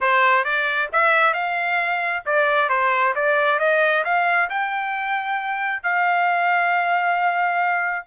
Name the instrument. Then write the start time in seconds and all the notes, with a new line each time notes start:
trumpet
0.00 C5
0.44 D5
0.92 E5
1.33 F5
2.25 D5
2.69 C5
3.15 D5
3.59 D#5
4.04 F5
4.49 G5
5.82 F5